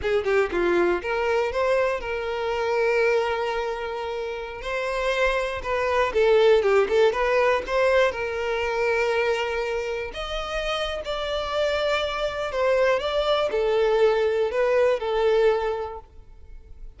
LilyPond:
\new Staff \with { instrumentName = "violin" } { \time 4/4 \tempo 4 = 120 gis'8 g'8 f'4 ais'4 c''4 | ais'1~ | ais'4~ ais'16 c''2 b'8.~ | b'16 a'4 g'8 a'8 b'4 c''8.~ |
c''16 ais'2.~ ais'8.~ | ais'16 dis''4.~ dis''16 d''2~ | d''4 c''4 d''4 a'4~ | a'4 b'4 a'2 | }